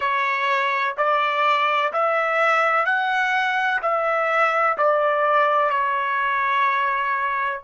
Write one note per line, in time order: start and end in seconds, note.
0.00 0.94 C#5
0.97 1.92 D5
1.92 2.85 E5
2.85 3.81 F#5
3.82 4.77 E5
4.77 5.70 D5
5.70 7.60 C#5